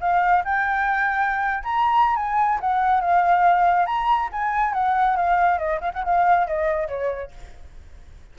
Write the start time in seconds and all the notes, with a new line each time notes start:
0.00 F5
0.44 G5
1.63 A#5
2.16 G#5
2.60 F#5
3.01 F5
3.86 A#5
4.32 G#5
4.73 F#5
5.16 F5
5.58 D#5
5.81 F5
5.93 F#5
6.04 F5
6.47 D#5
6.88 C#5